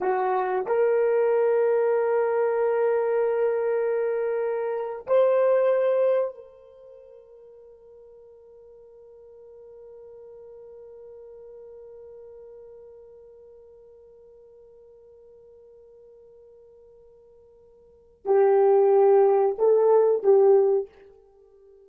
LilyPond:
\new Staff \with { instrumentName = "horn" } { \time 4/4 \tempo 4 = 92 fis'4 ais'2.~ | ais'2.~ ais'8. c''16~ | c''4.~ c''16 ais'2~ ais'16~ | ais'1~ |
ais'1~ | ais'1~ | ais'1 | g'2 a'4 g'4 | }